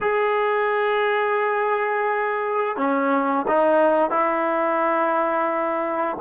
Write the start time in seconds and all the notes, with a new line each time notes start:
0.01 G#4
2.76 C#4
3.47 D#4
4.10 E4